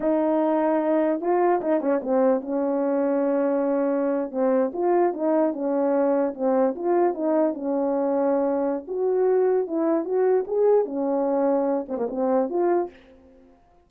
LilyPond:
\new Staff \with { instrumentName = "horn" } { \time 4/4 \tempo 4 = 149 dis'2. f'4 | dis'8 cis'8 c'4 cis'2~ | cis'2~ cis'8. c'4 f'16~ | f'8. dis'4 cis'2 c'16~ |
c'8. f'4 dis'4 cis'4~ cis'16~ | cis'2 fis'2 | e'4 fis'4 gis'4 cis'4~ | cis'4. c'16 ais16 c'4 f'4 | }